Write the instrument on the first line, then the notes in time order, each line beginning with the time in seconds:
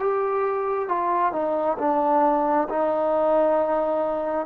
trombone
0.00 G4
0.89 F4
1.33 D#4
1.79 D4
2.70 D#4